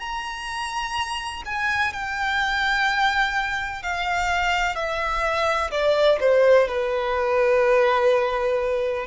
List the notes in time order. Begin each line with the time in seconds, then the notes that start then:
0.00 A#5
1.46 G#5
1.94 G5
3.83 F5
4.76 E5
5.71 D5
6.21 C5
6.68 B4